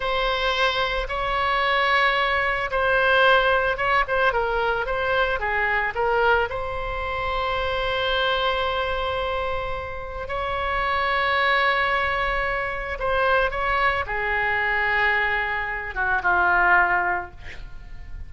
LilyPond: \new Staff \with { instrumentName = "oboe" } { \time 4/4 \tempo 4 = 111 c''2 cis''2~ | cis''4 c''2 cis''8 c''8 | ais'4 c''4 gis'4 ais'4 | c''1~ |
c''2. cis''4~ | cis''1 | c''4 cis''4 gis'2~ | gis'4. fis'8 f'2 | }